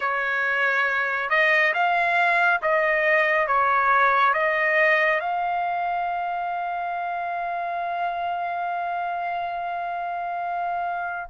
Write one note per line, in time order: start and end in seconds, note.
0.00 1.29 C#5
1.29 1.73 D#5
1.74 2.60 F5
2.61 3.47 D#5
3.47 4.33 C#5
4.33 5.20 D#5
5.20 11.28 F5